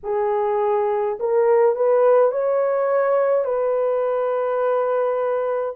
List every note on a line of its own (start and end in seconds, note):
0.03 1.19 G#4
1.19 1.75 A#4
1.75 2.31 B4
2.31 3.45 C#5
3.45 5.75 B4